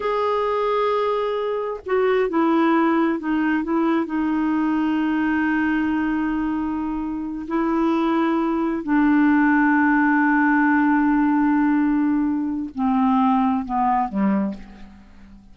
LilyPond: \new Staff \with { instrumentName = "clarinet" } { \time 4/4 \tempo 4 = 132 gis'1 | fis'4 e'2 dis'4 | e'4 dis'2.~ | dis'1~ |
dis'8 e'2. d'8~ | d'1~ | d'1 | c'2 b4 g4 | }